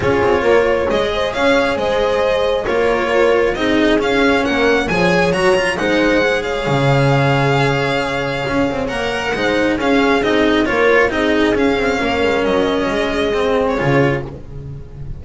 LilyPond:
<<
  \new Staff \with { instrumentName = "violin" } { \time 4/4 \tempo 4 = 135 cis''2 dis''4 f''4 | dis''2 cis''2 | dis''4 f''4 fis''4 gis''4 | ais''4 fis''4. f''4.~ |
f''1 | fis''2 f''4 dis''4 | cis''4 dis''4 f''2 | dis''2~ dis''8. cis''4~ cis''16 | }
  \new Staff \with { instrumentName = "horn" } { \time 4/4 gis'4 ais'8 cis''4 c''8 cis''4 | c''2 ais'2 | gis'2 ais'4 cis''4~ | cis''4 c''4. cis''4.~ |
cis''1~ | cis''4 c''4 gis'2 | ais'4 gis'2 ais'4~ | ais'4 gis'2. | }
  \new Staff \with { instrumentName = "cello" } { \time 4/4 f'2 gis'2~ | gis'2 f'2 | dis'4 cis'2 gis'4 | fis'8 f'8 dis'4 gis'2~ |
gis'1 | ais'4 dis'4 cis'4 dis'4 | f'4 dis'4 cis'2~ | cis'2 c'4 f'4 | }
  \new Staff \with { instrumentName = "double bass" } { \time 4/4 cis'8 c'8 ais4 gis4 cis'4 | gis2 ais2 | c'4 cis'4 ais4 f4 | fis4 gis2 cis4~ |
cis2. cis'8 c'8 | ais4 gis4 cis'4 c'4 | ais4 c'4 cis'8 c'8 ais8 gis8 | fis4 gis2 cis4 | }
>>